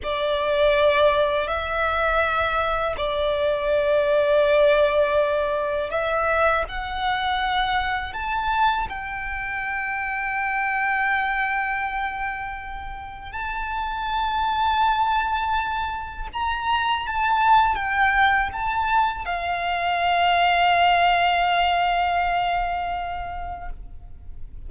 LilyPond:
\new Staff \with { instrumentName = "violin" } { \time 4/4 \tempo 4 = 81 d''2 e''2 | d''1 | e''4 fis''2 a''4 | g''1~ |
g''2 a''2~ | a''2 ais''4 a''4 | g''4 a''4 f''2~ | f''1 | }